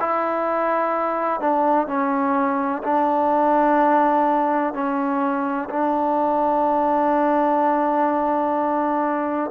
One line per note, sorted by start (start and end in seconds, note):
0.00 1.41 E4
1.41 1.87 D4
1.87 2.83 C#4
2.83 4.74 D4
4.74 5.69 C#4
5.70 9.51 D4